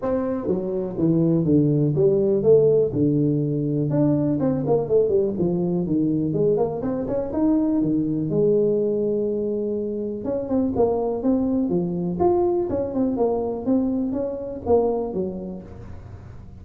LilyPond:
\new Staff \with { instrumentName = "tuba" } { \time 4/4 \tempo 4 = 123 c'4 fis4 e4 d4 | g4 a4 d2 | d'4 c'8 ais8 a8 g8 f4 | dis4 gis8 ais8 c'8 cis'8 dis'4 |
dis4 gis2.~ | gis4 cis'8 c'8 ais4 c'4 | f4 f'4 cis'8 c'8 ais4 | c'4 cis'4 ais4 fis4 | }